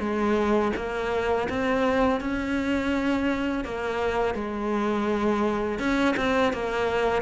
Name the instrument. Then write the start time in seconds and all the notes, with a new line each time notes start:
cello
0.00 G#3
0.76 A#3
1.49 C4
2.21 C#4
3.65 A#3
4.35 G#3
5.79 C#4
6.17 C4
6.53 A#3